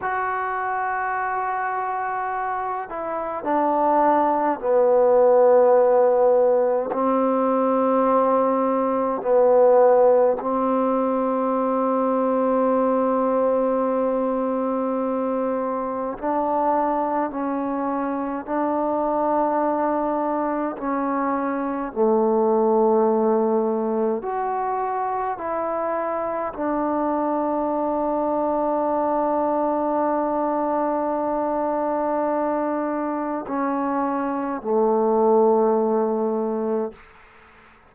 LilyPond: \new Staff \with { instrumentName = "trombone" } { \time 4/4 \tempo 4 = 52 fis'2~ fis'8 e'8 d'4 | b2 c'2 | b4 c'2.~ | c'2 d'4 cis'4 |
d'2 cis'4 a4~ | a4 fis'4 e'4 d'4~ | d'1~ | d'4 cis'4 a2 | }